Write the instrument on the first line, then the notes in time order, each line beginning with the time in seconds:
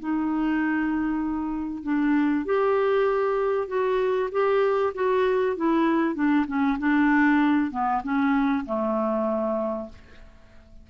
clarinet
0.00 D#4
1.84 D4
2.46 G4
3.68 F#4
4.32 G4
4.95 F#4
5.56 E4
6.15 D4
6.47 C#4
6.79 D4
7.71 B3
8.03 C#4
8.66 A3